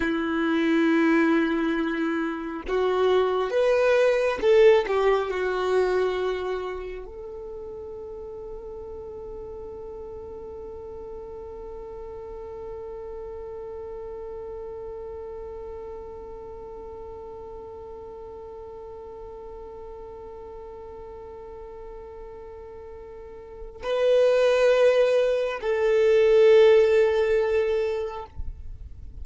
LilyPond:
\new Staff \with { instrumentName = "violin" } { \time 4/4 \tempo 4 = 68 e'2. fis'4 | b'4 a'8 g'8 fis'2 | a'1~ | a'1~ |
a'1~ | a'1~ | a'2. b'4~ | b'4 a'2. | }